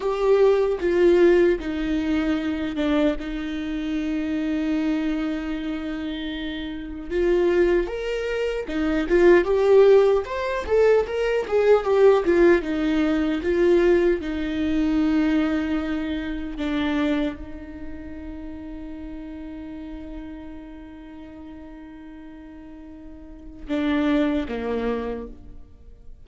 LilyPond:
\new Staff \with { instrumentName = "viola" } { \time 4/4 \tempo 4 = 76 g'4 f'4 dis'4. d'8 | dis'1~ | dis'4 f'4 ais'4 dis'8 f'8 | g'4 c''8 a'8 ais'8 gis'8 g'8 f'8 |
dis'4 f'4 dis'2~ | dis'4 d'4 dis'2~ | dis'1~ | dis'2 d'4 ais4 | }